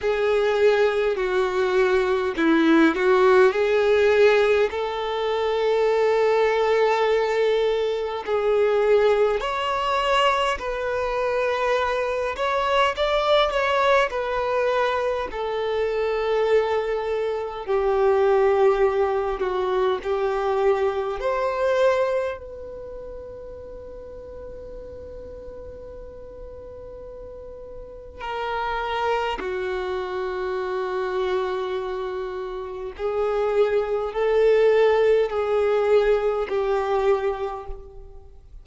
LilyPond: \new Staff \with { instrumentName = "violin" } { \time 4/4 \tempo 4 = 51 gis'4 fis'4 e'8 fis'8 gis'4 | a'2. gis'4 | cis''4 b'4. cis''8 d''8 cis''8 | b'4 a'2 g'4~ |
g'8 fis'8 g'4 c''4 b'4~ | b'1 | ais'4 fis'2. | gis'4 a'4 gis'4 g'4 | }